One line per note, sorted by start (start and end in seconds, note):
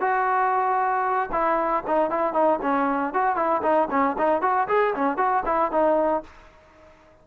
0.00 1.29 F#4
1.32 1.83 E4
1.86 2.10 D#4
2.10 2.33 E4
2.33 2.59 D#4
2.61 3.13 C#4
3.13 3.36 F#4
3.36 3.61 E4
3.62 3.88 D#4
3.90 4.16 C#4
4.18 4.41 D#4
4.41 4.67 F#4
4.68 4.94 G#4
4.95 5.17 C#4
5.17 5.43 F#4
5.45 5.71 E4
5.71 6.23 D#4